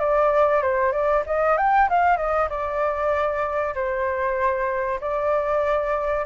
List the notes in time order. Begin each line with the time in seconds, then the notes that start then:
0.00 D5
0.62 C5
0.92 D5
1.26 D#5
1.58 G5
1.89 F5
2.17 D#5
2.49 D5
3.75 C5
5.01 D5